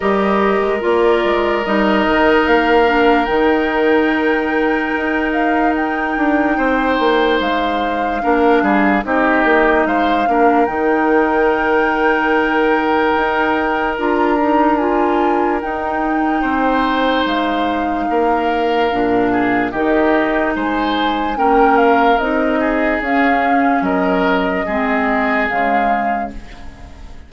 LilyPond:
<<
  \new Staff \with { instrumentName = "flute" } { \time 4/4 \tempo 4 = 73 dis''4 d''4 dis''4 f''4 | g''2~ g''8 f''8 g''4~ | g''4 f''2 dis''4 | f''4 g''2.~ |
g''4 ais''4 gis''4 g''4~ | g''4 f''2. | dis''4 gis''4 g''8 f''8 dis''4 | f''4 dis''2 f''4 | }
  \new Staff \with { instrumentName = "oboe" } { \time 4/4 ais'1~ | ais'1 | c''2 ais'8 gis'8 g'4 | c''8 ais'2.~ ais'8~ |
ais'1 | c''2 ais'4. gis'8 | g'4 c''4 ais'4. gis'8~ | gis'4 ais'4 gis'2 | }
  \new Staff \with { instrumentName = "clarinet" } { \time 4/4 g'4 f'4 dis'4. d'8 | dis'1~ | dis'2 d'4 dis'4~ | dis'8 d'8 dis'2.~ |
dis'4 f'8 dis'8 f'4 dis'4~ | dis'2. d'4 | dis'2 cis'4 dis'4 | cis'2 c'4 gis4 | }
  \new Staff \with { instrumentName = "bassoon" } { \time 4/4 g8. gis16 ais8 gis8 g8 dis8 ais4 | dis2 dis'4. d'8 | c'8 ais8 gis4 ais8 g8 c'8 ais8 | gis8 ais8 dis2. |
dis'4 d'2 dis'4 | c'4 gis4 ais4 ais,4 | dis4 gis4 ais4 c'4 | cis'4 fis4 gis4 cis4 | }
>>